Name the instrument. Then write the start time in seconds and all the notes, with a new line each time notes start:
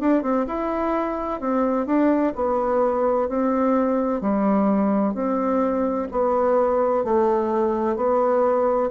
bassoon
0.00 D4
0.22 C4
0.47 E4
1.40 C4
1.86 D4
2.35 B3
3.29 C4
4.21 G3
5.14 C4
6.11 B3
7.04 A3
7.96 B3